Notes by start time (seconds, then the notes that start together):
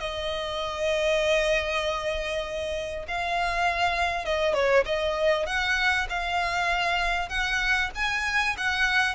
0.00 D#5
3.08 F5
4.25 D#5
4.54 C#5
4.86 D#5
5.46 F#5
6.09 F5
7.29 F#5
7.95 G#5
8.57 F#5